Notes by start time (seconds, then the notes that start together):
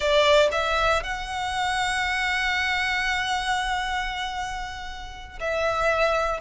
0.00 D5
0.51 E5
1.03 F#5
5.40 E5